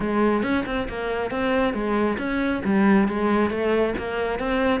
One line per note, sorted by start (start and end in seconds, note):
0.00 0.43 G#3
0.43 0.64 C#4
0.66 0.88 C4
0.89 1.30 A#3
1.30 1.73 C4
1.73 2.17 G#3
2.18 2.62 C#4
2.64 3.08 G3
3.08 3.50 G#3
3.50 3.94 A3
3.98 4.39 A#3
4.39 4.80 C4